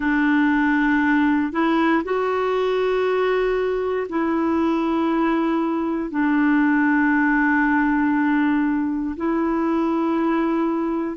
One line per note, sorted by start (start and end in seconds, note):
0.00 1.52 D4
1.52 2.03 E4
2.03 4.07 F#4
4.09 6.10 E4
6.10 9.15 D4
9.16 11.16 E4